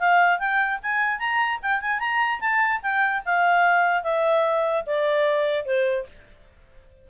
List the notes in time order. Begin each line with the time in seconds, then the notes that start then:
0.00 F5
0.39 G5
0.83 G#5
1.19 A#5
1.63 G5
1.82 G#5
2.00 A#5
2.41 A5
2.82 G5
3.26 F5
4.03 E5
4.87 D5
5.66 C5